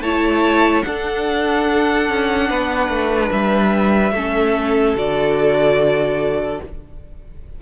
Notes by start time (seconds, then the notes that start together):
0.00 A3 E4 C#5 A5
0.82 D4 A4 F#5
2.08 C#4
2.49 B3 B4
2.88 A3
3.31 G3 E5
4.12 A3 C#4 A4
4.94 D3 F#4 D5